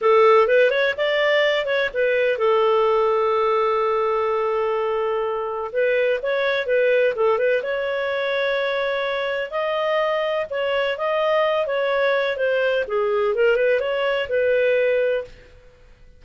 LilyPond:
\new Staff \with { instrumentName = "clarinet" } { \time 4/4 \tempo 4 = 126 a'4 b'8 cis''8 d''4. cis''8 | b'4 a'2.~ | a'1 | b'4 cis''4 b'4 a'8 b'8 |
cis''1 | dis''2 cis''4 dis''4~ | dis''8 cis''4. c''4 gis'4 | ais'8 b'8 cis''4 b'2 | }